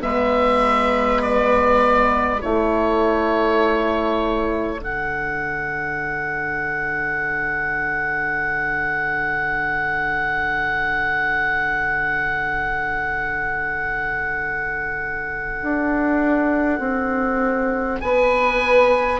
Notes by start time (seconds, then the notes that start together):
0.00 G#3 B3 B4 E5
1.21 D5
2.41 A3 E4 A4 C#5
4.79 D3 D4 F#5
15.62 D4
16.79 C4
18.00 B3 B4 G#5